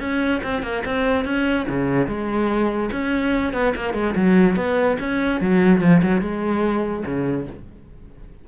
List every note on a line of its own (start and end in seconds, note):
0.00 0.41 C#4
0.43 0.62 C4
0.62 0.83 A#3
0.85 1.25 C4
1.25 1.66 C#4
1.68 2.07 C#3
2.07 2.90 G#3
2.92 3.53 C#4
3.53 3.74 B3
3.75 3.94 A#3
3.94 4.14 G#3
4.15 4.56 F#3
4.56 4.97 B3
4.99 5.41 C#4
5.41 5.81 F#3
5.81 6.01 F3
6.02 6.21 F#3
6.21 7.04 G#3
7.05 7.47 C#3